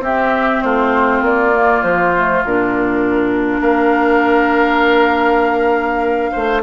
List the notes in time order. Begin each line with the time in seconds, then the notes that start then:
0.00 C4 G4 E5
0.62 A3 F4 C5
1.21 A#3 D5
1.54 A#3
1.82 F3 C5
2.16 A3
2.44 A#2 D4 A#4
3.60 A#3 A#4 F5
6.31 A3 C5